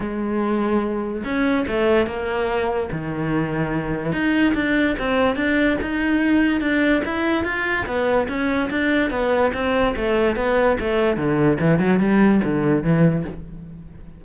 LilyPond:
\new Staff \with { instrumentName = "cello" } { \time 4/4 \tempo 4 = 145 gis2. cis'4 | a4 ais2 dis4~ | dis2 dis'4 d'4 | c'4 d'4 dis'2 |
d'4 e'4 f'4 b4 | cis'4 d'4 b4 c'4 | a4 b4 a4 d4 | e8 fis8 g4 d4 e4 | }